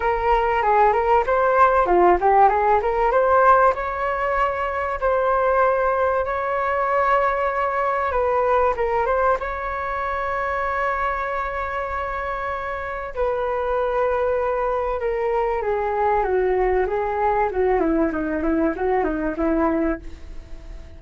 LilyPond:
\new Staff \with { instrumentName = "flute" } { \time 4/4 \tempo 4 = 96 ais'4 gis'8 ais'8 c''4 f'8 g'8 | gis'8 ais'8 c''4 cis''2 | c''2 cis''2~ | cis''4 b'4 ais'8 c''8 cis''4~ |
cis''1~ | cis''4 b'2. | ais'4 gis'4 fis'4 gis'4 | fis'8 e'8 dis'8 e'8 fis'8 dis'8 e'4 | }